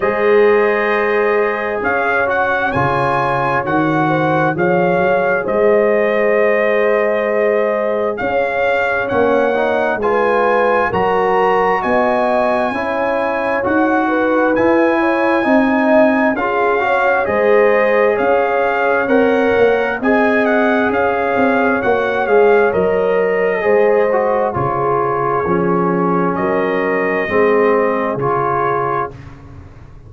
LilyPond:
<<
  \new Staff \with { instrumentName = "trumpet" } { \time 4/4 \tempo 4 = 66 dis''2 f''8 fis''8 gis''4 | fis''4 f''4 dis''2~ | dis''4 f''4 fis''4 gis''4 | ais''4 gis''2 fis''4 |
gis''2 f''4 dis''4 | f''4 fis''4 gis''8 fis''8 f''4 | fis''8 f''8 dis''2 cis''4~ | cis''4 dis''2 cis''4 | }
  \new Staff \with { instrumentName = "horn" } { \time 4/4 c''2 cis''2~ | cis''8 c''8 cis''4 c''2~ | c''4 cis''2 b'4 | ais'4 dis''4 cis''4. b'8~ |
b'8 cis''8 dis''4 gis'8 cis''8 c''4 | cis''2 dis''4 cis''4~ | cis''2 c''4 gis'4~ | gis'4 ais'4 gis'2 | }
  \new Staff \with { instrumentName = "trombone" } { \time 4/4 gis'2~ gis'8 fis'8 f'4 | fis'4 gis'2.~ | gis'2 cis'8 dis'8 f'4 | fis'2 e'4 fis'4 |
e'4 dis'4 f'8 fis'8 gis'4~ | gis'4 ais'4 gis'2 | fis'8 gis'8 ais'4 gis'8 fis'8 f'4 | cis'2 c'4 f'4 | }
  \new Staff \with { instrumentName = "tuba" } { \time 4/4 gis2 cis'4 cis4 | dis4 f8 fis8 gis2~ | gis4 cis'4 ais4 gis4 | fis4 b4 cis'4 dis'4 |
e'4 c'4 cis'4 gis4 | cis'4 c'8 ais8 c'4 cis'8 c'8 | ais8 gis8 fis4 gis4 cis4 | f4 fis4 gis4 cis4 | }
>>